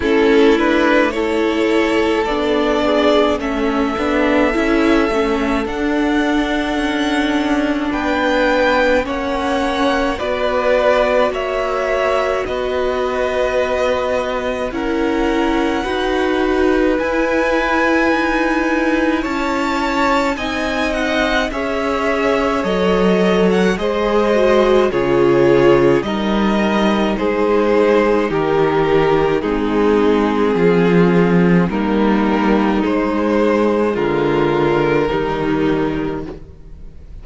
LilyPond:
<<
  \new Staff \with { instrumentName = "violin" } { \time 4/4 \tempo 4 = 53 a'8 b'8 cis''4 d''4 e''4~ | e''4 fis''2 g''4 | fis''4 d''4 e''4 dis''4~ | dis''4 fis''2 gis''4~ |
gis''4 a''4 gis''8 fis''8 e''4 | dis''8. fis''16 dis''4 cis''4 dis''4 | c''4 ais'4 gis'2 | ais'4 c''4 ais'2 | }
  \new Staff \with { instrumentName = "violin" } { \time 4/4 e'4 a'4. gis'8 a'4~ | a'2. b'4 | cis''4 b'4 cis''4 b'4~ | b'4 ais'4 b'2~ |
b'4 cis''4 dis''4 cis''4~ | cis''4 c''4 gis'4 ais'4 | gis'4 g'4 dis'4 f'4 | dis'2 f'4 dis'4 | }
  \new Staff \with { instrumentName = "viola" } { \time 4/4 cis'8 d'8 e'4 d'4 cis'8 d'8 | e'8 cis'8 d'2. | cis'4 fis'2.~ | fis'4 e'4 fis'4 e'4~ |
e'2 dis'4 gis'4 | a'4 gis'8 fis'8 f'4 dis'4~ | dis'2 c'2 | ais4 gis2 g4 | }
  \new Staff \with { instrumentName = "cello" } { \time 4/4 a2 b4 a8 b8 | cis'8 a8 d'4 cis'4 b4 | ais4 b4 ais4 b4~ | b4 cis'4 dis'4 e'4 |
dis'4 cis'4 c'4 cis'4 | fis4 gis4 cis4 g4 | gis4 dis4 gis4 f4 | g4 gis4 d4 dis4 | }
>>